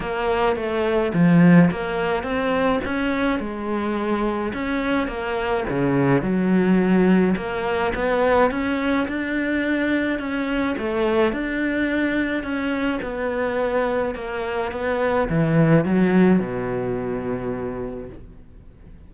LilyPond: \new Staff \with { instrumentName = "cello" } { \time 4/4 \tempo 4 = 106 ais4 a4 f4 ais4 | c'4 cis'4 gis2 | cis'4 ais4 cis4 fis4~ | fis4 ais4 b4 cis'4 |
d'2 cis'4 a4 | d'2 cis'4 b4~ | b4 ais4 b4 e4 | fis4 b,2. | }